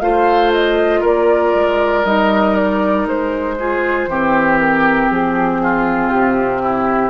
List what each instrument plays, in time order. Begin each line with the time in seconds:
0.00 bassoon A3, clarinet F4, oboe C5, flute F5
0.53 flute D#5
1.01 bassoon A#3, oboe A#4, flute D5
1.54 bassoon G#3
2.04 bassoon G3, clarinet D#4, flute D#5
2.56 flute D5
3.06 bassoon G#3, flute C5
3.59 clarinet F4, oboe G#4
4.07 bassoon E3, clarinet C4, oboe G4
4.59 flute A#4
5.10 bassoon F3, flute G#4
5.62 oboe F4
6.10 bassoon C3, flute G4
6.62 oboe E4